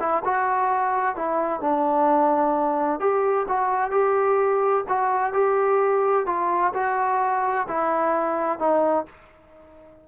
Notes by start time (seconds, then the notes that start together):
0.00 E4
0.25 F#4
1.16 E4
1.61 D4
3.00 G4
3.48 F#4
3.91 G4
4.89 F#4
5.33 G4
6.26 F4
6.74 F#4
7.68 E4
8.59 D#4